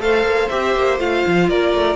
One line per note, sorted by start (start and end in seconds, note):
0.00 0.23 A3
0.00 0.49 A4
0.00 1.49 C5
0.00 0.49 F5
0.23 0.48 A#3
0.49 0.75 C4
0.49 0.98 G4
0.49 0.98 E5
0.75 0.99 A#3
0.98 1.23 A3
0.98 1.95 F4
0.98 1.49 F5
1.27 1.49 F3
1.49 1.74 A#3
1.49 1.95 A#4
1.49 1.95 D5
1.74 1.95 A3